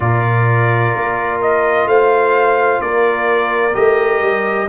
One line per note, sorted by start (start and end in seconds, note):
0.00 0.93 A#2
0.00 3.71 F4
0.00 1.88 A#4
0.00 1.41 D5
0.95 1.86 A#3
1.41 1.88 D#5
1.86 2.79 A3
1.86 2.82 C5
1.86 2.81 F5
2.81 3.75 A#3
2.81 4.68 A#4
2.81 3.74 D5
3.73 4.20 A3
3.73 4.67 G4
3.73 4.68 D#5
4.20 4.67 G3